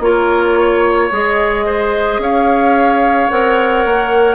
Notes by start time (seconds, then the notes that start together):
0.00 A#3 F4 A#4 C#5
0.60 C#5
1.11 G#3 G#4 D#5
1.66 C5
2.18 C#4 C#5 F5
3.30 C4 A#4 F#5
3.85 A#3